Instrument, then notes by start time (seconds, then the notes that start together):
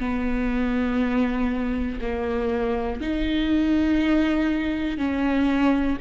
viola
0.00 B3
2.01 A#3
3.01 D#4
4.98 C#4